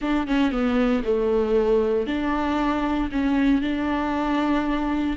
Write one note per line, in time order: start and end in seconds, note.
0.01 0.27 D4
0.27 0.51 C#4
0.51 1.03 B3
1.04 2.06 A3
2.06 3.10 D4
3.11 3.61 C#4
3.61 5.16 D4